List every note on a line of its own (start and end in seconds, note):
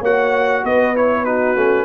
0.00 0.63 A#3
0.00 0.96 F#4
0.00 0.62 C#5
0.00 0.65 F#5
0.64 1.57 B3
0.64 1.25 B4
0.64 0.96 D#5
0.96 1.26 E4
0.96 1.25 C#5
1.25 1.56 D#4
1.25 1.85 F#4
1.25 1.85 B4
1.56 1.85 A3
1.56 1.85 C#4